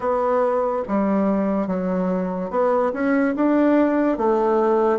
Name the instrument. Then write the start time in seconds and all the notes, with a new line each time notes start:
bassoon
0.00 B3
0.87 G3
1.67 F#3
2.50 B3
2.93 C#4
3.35 D4
4.17 A3